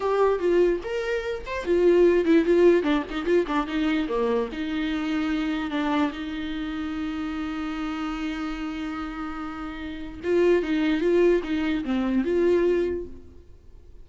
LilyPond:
\new Staff \with { instrumentName = "viola" } { \time 4/4 \tempo 4 = 147 g'4 f'4 ais'4. c''8 | f'4. e'8 f'4 d'8 dis'8 | f'8 d'8 dis'4 ais4 dis'4~ | dis'2 d'4 dis'4~ |
dis'1~ | dis'1~ | dis'4 f'4 dis'4 f'4 | dis'4 c'4 f'2 | }